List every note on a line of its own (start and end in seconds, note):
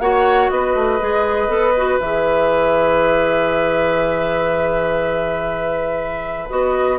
0.00 0.50 A#3
0.00 1.01 F#4
0.00 0.52 C#5
0.00 0.50 F#5
0.50 0.75 B3
0.50 7.00 B4
0.50 2.00 D#5
0.75 1.00 A3
1.01 1.48 G#3
1.01 1.49 G#4
1.48 1.98 B3
1.48 1.74 A4
1.77 2.00 F#4
2.00 6.51 E3
2.00 6.50 G#4
2.00 6.50 E5
6.50 7.00 B3
6.50 7.00 F#4
6.50 7.00 D#5